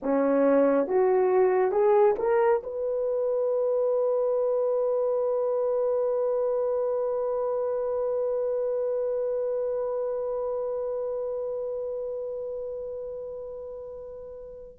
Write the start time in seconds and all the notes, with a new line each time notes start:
0.02 C#4
0.87 F#4
1.71 G#4
2.18 A#4
2.63 B4